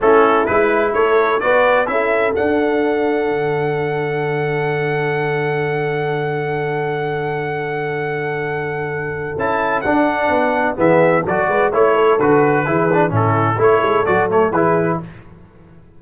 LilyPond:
<<
  \new Staff \with { instrumentName = "trumpet" } { \time 4/4 \tempo 4 = 128 a'4 b'4 cis''4 d''4 | e''4 fis''2.~ | fis''1~ | fis''1~ |
fis''1 | a''4 fis''2 e''4 | d''4 cis''4 b'2 | a'4 cis''4 d''8 cis''8 b'4 | }
  \new Staff \with { instrumentName = "horn" } { \time 4/4 e'2 a'4 b'4 | a'1~ | a'1~ | a'1~ |
a'1~ | a'2. gis'4 | a'8 b'8 cis''8 a'4. gis'4 | e'4 a'2 gis'4 | }
  \new Staff \with { instrumentName = "trombone" } { \time 4/4 cis'4 e'2 fis'4 | e'4 d'2.~ | d'1~ | d'1~ |
d'1 | e'4 d'2 b4 | fis'4 e'4 fis'4 e'8 d'8 | cis'4 e'4 fis'8 a8 e'4 | }
  \new Staff \with { instrumentName = "tuba" } { \time 4/4 a4 gis4 a4 b4 | cis'4 d'2 d4~ | d1~ | d1~ |
d1 | cis'4 d'4 b4 e4 | fis8 gis8 a4 d4 e4 | a,4 a8 gis8 fis4 e4 | }
>>